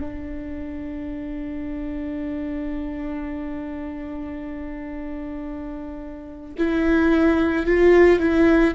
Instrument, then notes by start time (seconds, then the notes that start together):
viola
0.00 D4
6.58 E4
7.66 F4
8.19 E4